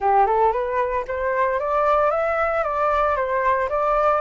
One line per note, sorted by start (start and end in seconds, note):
0.00 0.26 G4
0.26 0.52 A4
0.52 1.05 B4
1.07 1.59 C5
1.59 2.11 D5
2.11 2.63 E5
2.63 3.16 D5
3.16 3.68 C5
3.69 4.21 D5